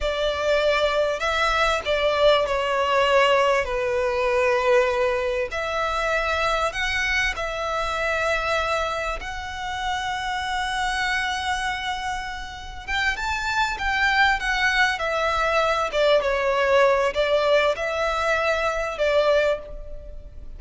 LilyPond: \new Staff \with { instrumentName = "violin" } { \time 4/4 \tempo 4 = 98 d''2 e''4 d''4 | cis''2 b'2~ | b'4 e''2 fis''4 | e''2. fis''4~ |
fis''1~ | fis''4 g''8 a''4 g''4 fis''8~ | fis''8 e''4. d''8 cis''4. | d''4 e''2 d''4 | }